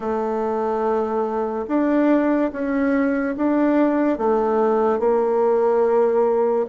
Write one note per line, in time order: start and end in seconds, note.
0.00 1.66 A3
1.67 2.51 D4
2.52 3.35 C#4
3.36 4.17 D4
4.17 4.99 A3
4.99 6.66 A#3